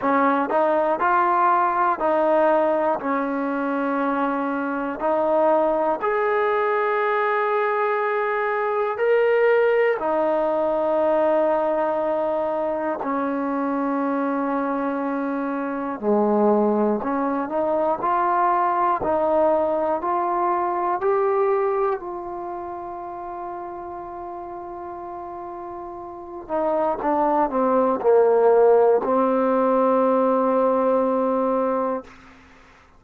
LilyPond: \new Staff \with { instrumentName = "trombone" } { \time 4/4 \tempo 4 = 60 cis'8 dis'8 f'4 dis'4 cis'4~ | cis'4 dis'4 gis'2~ | gis'4 ais'4 dis'2~ | dis'4 cis'2. |
gis4 cis'8 dis'8 f'4 dis'4 | f'4 g'4 f'2~ | f'2~ f'8 dis'8 d'8 c'8 | ais4 c'2. | }